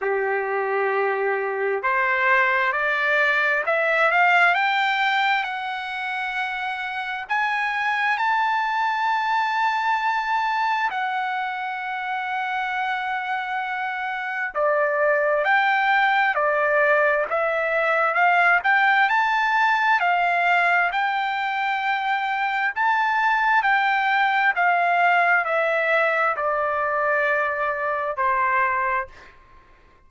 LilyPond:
\new Staff \with { instrumentName = "trumpet" } { \time 4/4 \tempo 4 = 66 g'2 c''4 d''4 | e''8 f''8 g''4 fis''2 | gis''4 a''2. | fis''1 |
d''4 g''4 d''4 e''4 | f''8 g''8 a''4 f''4 g''4~ | g''4 a''4 g''4 f''4 | e''4 d''2 c''4 | }